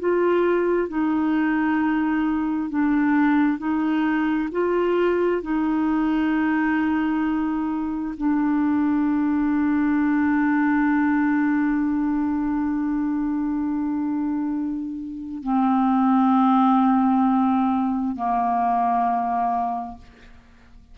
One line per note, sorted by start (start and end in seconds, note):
0.00 0.88 F4
0.88 2.69 D#4
2.69 3.58 D4
3.58 4.49 D#4
4.52 5.42 F4
5.42 8.15 D#4
8.17 15.43 D4
15.43 18.16 C4
18.16 19.98 A#3